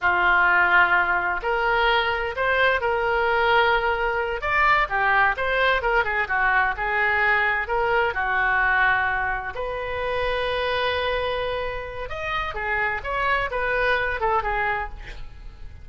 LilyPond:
\new Staff \with { instrumentName = "oboe" } { \time 4/4 \tempo 4 = 129 f'2. ais'4~ | ais'4 c''4 ais'2~ | ais'4. d''4 g'4 c''8~ | c''8 ais'8 gis'8 fis'4 gis'4.~ |
gis'8 ais'4 fis'2~ fis'8~ | fis'8 b'2.~ b'8~ | b'2 dis''4 gis'4 | cis''4 b'4. a'8 gis'4 | }